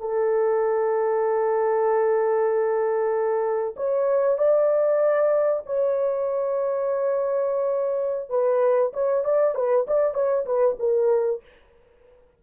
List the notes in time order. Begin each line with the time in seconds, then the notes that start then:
0.00 A4
3.76 C#5
4.38 D5
5.66 C#5
8.30 B4
8.93 C#5
9.24 D5
9.55 B4
9.87 D5
10.14 C#5
10.45 B4
10.79 A#4